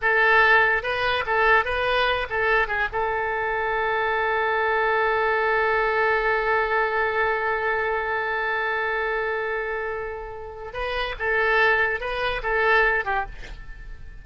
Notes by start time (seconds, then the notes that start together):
0.01 A4
0.82 B4
1.25 A4
1.65 B4
2.29 A4
2.67 G#4
2.92 A4
10.73 B4
11.18 A4
12.00 B4
12.42 A4
13.05 G4